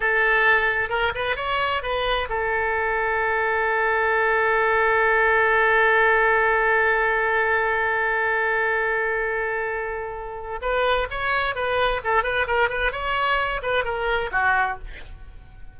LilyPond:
\new Staff \with { instrumentName = "oboe" } { \time 4/4 \tempo 4 = 130 a'2 ais'8 b'8 cis''4 | b'4 a'2.~ | a'1~ | a'1~ |
a'1~ | a'2. b'4 | cis''4 b'4 a'8 b'8 ais'8 b'8 | cis''4. b'8 ais'4 fis'4 | }